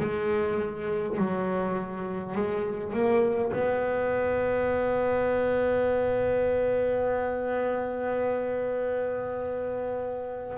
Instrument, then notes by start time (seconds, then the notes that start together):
double bass
0.00 G#3
1.17 F#3
2.35 G#3
2.93 A#3
3.52 B3